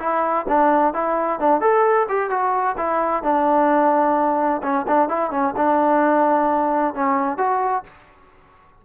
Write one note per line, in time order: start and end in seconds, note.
0.00 0.46 E4
0.48 0.94 D4
0.94 1.40 E4
1.40 1.61 D4
1.61 2.07 A4
2.09 2.30 G4
2.30 2.77 F#4
2.78 3.24 E4
3.24 4.62 D4
4.63 4.86 C#4
4.88 5.09 D4
5.09 5.31 E4
5.31 5.54 C#4
5.57 6.95 D4
6.95 7.38 C#4
7.38 7.84 F#4